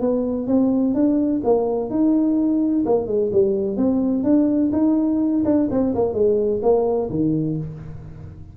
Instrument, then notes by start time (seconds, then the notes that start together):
tuba
0.00 B3
0.47 C4
0.94 D4
1.44 A#3
1.90 D#4
2.85 A#3
3.06 G#3
3.32 G3
3.77 C4
4.23 D4
4.72 D#4
5.45 D4
5.70 C4
5.95 A#3
6.13 G#3
6.62 A#3
7.10 D#3